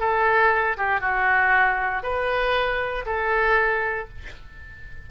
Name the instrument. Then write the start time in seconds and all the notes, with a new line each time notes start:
oboe
0.00 A4
0.77 G4
1.01 F#4
2.03 B4
3.06 A4